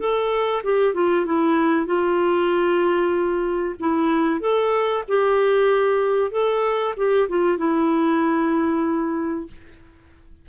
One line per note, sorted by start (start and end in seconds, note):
0.00 0.63 A4
0.64 0.94 G4
0.94 1.26 F4
1.26 1.86 E4
1.86 3.76 F4
3.80 4.41 E4
4.41 5.04 A4
5.08 6.32 G4
6.32 6.95 A4
6.97 7.29 G4
7.29 7.58 F4
7.58 9.48 E4